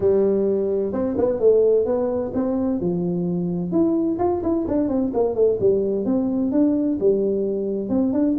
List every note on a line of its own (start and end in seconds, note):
0.00 0.92 G3
0.92 1.16 C4
1.17 1.39 B3
1.39 1.85 A3
1.85 2.32 B3
2.34 2.80 C4
2.80 3.71 F3
3.71 4.18 E4
4.18 4.41 F4
4.42 4.66 E4
4.67 4.88 D4
4.88 5.11 C4
5.13 5.35 A#3
5.35 5.58 A3
5.59 6.05 G3
6.05 6.51 C4
6.51 6.98 D4
7.00 7.89 G3
7.89 8.12 C4
8.13 8.36 D4